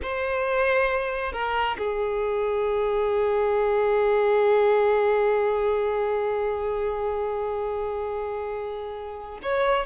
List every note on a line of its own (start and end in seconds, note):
0.02 1.32 C5
1.32 1.77 A#4
1.78 9.39 G#4
9.42 9.86 C#5